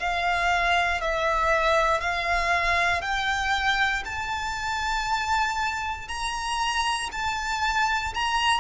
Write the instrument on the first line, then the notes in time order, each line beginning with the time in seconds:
violin
0.00 F5
1.02 E5
2.01 F5
3.02 G5
4.05 A5
6.09 A#5
7.12 A5
8.14 A#5